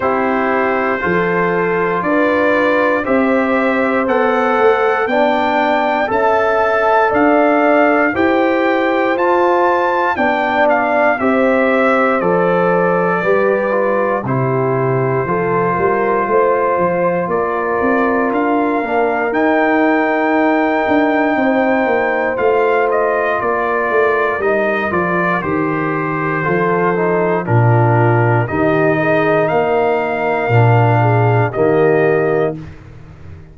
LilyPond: <<
  \new Staff \with { instrumentName = "trumpet" } { \time 4/4 \tempo 4 = 59 c''2 d''4 e''4 | fis''4 g''4 a''4 f''4 | g''4 a''4 g''8 f''8 e''4 | d''2 c''2~ |
c''4 d''4 f''4 g''4~ | g''2 f''8 dis''8 d''4 | dis''8 d''8 c''2 ais'4 | dis''4 f''2 dis''4 | }
  \new Staff \with { instrumentName = "horn" } { \time 4/4 g'4 a'4 b'4 c''4~ | c''4 d''4 e''4 d''4 | c''2 d''4 c''4~ | c''4 b'4 g'4 a'8 ais'8 |
c''4 ais'2.~ | ais'4 c''2 ais'4~ | ais'2 a'4 f'4 | g'8 gis'8 ais'4. gis'8 g'4 | }
  \new Staff \with { instrumentName = "trombone" } { \time 4/4 e'4 f'2 g'4 | a'4 d'4 a'2 | g'4 f'4 d'4 g'4 | a'4 g'8 f'8 e'4 f'4~ |
f'2~ f'8 d'8 dis'4~ | dis'2 f'2 | dis'8 f'8 g'4 f'8 dis'8 d'4 | dis'2 d'4 ais4 | }
  \new Staff \with { instrumentName = "tuba" } { \time 4/4 c'4 f4 d'4 c'4 | b8 a8 b4 cis'4 d'4 | e'4 f'4 b4 c'4 | f4 g4 c4 f8 g8 |
a8 f8 ais8 c'8 d'8 ais8 dis'4~ | dis'8 d'8 c'8 ais8 a4 ais8 a8 | g8 f8 dis4 f4 ais,4 | dis4 ais4 ais,4 dis4 | }
>>